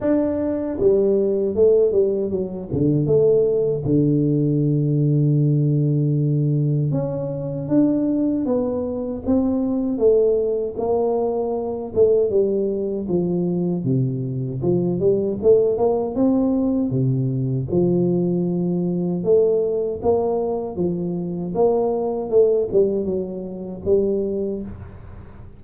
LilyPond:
\new Staff \with { instrumentName = "tuba" } { \time 4/4 \tempo 4 = 78 d'4 g4 a8 g8 fis8 d8 | a4 d2.~ | d4 cis'4 d'4 b4 | c'4 a4 ais4. a8 |
g4 f4 c4 f8 g8 | a8 ais8 c'4 c4 f4~ | f4 a4 ais4 f4 | ais4 a8 g8 fis4 g4 | }